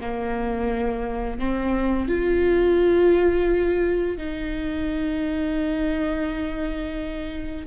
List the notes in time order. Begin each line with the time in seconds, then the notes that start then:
0.00 A#3
1.39 C4
2.08 F4
4.17 D#4